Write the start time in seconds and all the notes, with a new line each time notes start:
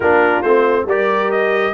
0.00 A#3 D4 F4 A#4
0.42 A3 C4 C5
0.85 G3 G4 A#4 D5
1.31 D#5